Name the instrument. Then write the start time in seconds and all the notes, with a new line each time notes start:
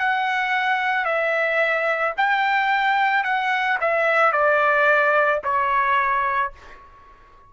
trumpet
0.00 F#5
1.05 E5
2.17 G5
3.24 F#5
3.81 E5
4.32 D5
5.44 C#5